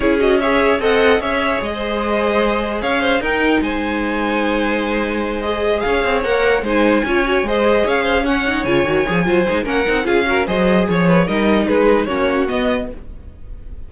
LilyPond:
<<
  \new Staff \with { instrumentName = "violin" } { \time 4/4 \tempo 4 = 149 cis''8 dis''8 e''4 fis''4 e''4 | dis''2. f''4 | g''4 gis''2.~ | gis''4. dis''4 f''4 fis''8~ |
fis''8 gis''2 dis''4 f''8~ | f''8 fis''4 gis''2~ gis''8 | fis''4 f''4 dis''4 cis''4 | dis''4 b'4 cis''4 dis''4 | }
  \new Staff \with { instrumentName = "violin" } { \time 4/4 gis'4 cis''4 dis''4 cis''4~ | cis''16 c''2~ c''8. cis''8 c''8 | ais'4 c''2.~ | c''2~ c''8 cis''4.~ |
cis''8 c''4 cis''4 c''4 cis''8 | c''8 cis''2~ cis''8 c''4 | ais'4 gis'8 ais'8 c''4 cis''8 b'8 | ais'4 gis'4 fis'2 | }
  \new Staff \with { instrumentName = "viola" } { \time 4/4 e'8 fis'8 gis'4 a'4 gis'4~ | gis'1 | dis'1~ | dis'4. gis'2 ais'8~ |
ais'8 dis'4 f'8 fis'8 gis'4.~ | gis'8 cis'8 dis'8 f'8 fis'8 gis'8 f'8 dis'8 | cis'8 dis'8 f'8 fis'8 gis'2 | dis'2 cis'4 b4 | }
  \new Staff \with { instrumentName = "cello" } { \time 4/4 cis'2 c'4 cis'4 | gis2. cis'4 | dis'4 gis2.~ | gis2~ gis8 cis'8 c'8 ais8~ |
ais8 gis4 cis'4 gis4 cis'8~ | cis'4. cis8 dis8 f8 fis8 gis8 | ais8 c'8 cis'4 fis4 f4 | g4 gis4 ais4 b4 | }
>>